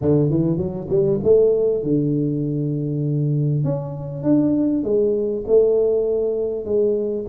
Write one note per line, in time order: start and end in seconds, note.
0.01 0.30 D3
0.30 0.57 E3
0.57 0.87 F#3
0.89 1.19 G3
1.23 1.83 A3
1.83 3.64 D3
3.64 4.23 C#4
4.23 4.83 D4
4.83 5.44 G#3
5.47 6.65 A3
6.65 7.25 G#3